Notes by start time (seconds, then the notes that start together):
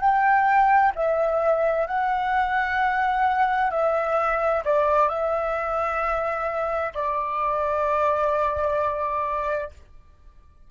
0.00 G5
0.95 E5
1.87 F#5
3.70 E5
4.64 D5
5.09 E5
6.94 D5